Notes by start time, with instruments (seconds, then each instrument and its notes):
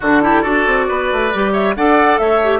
0.00 bassoon D3, clarinet D4, oboe F#4, flute A4
0.22 clarinet E4, oboe G4
0.42 bassoon D4, clarinet F#4, oboe A4, flute D5
0.66 bassoon C4
0.88 bassoon B3, oboe B4
1.11 bassoon A3
1.33 bassoon G3, clarinet G4
1.52 oboe C#5, flute E5
1.75 bassoon D4, clarinet A4, oboe D5, flute F#5
2.18 bassoon A3, oboe C#5, flute E5
2.43 clarinet G4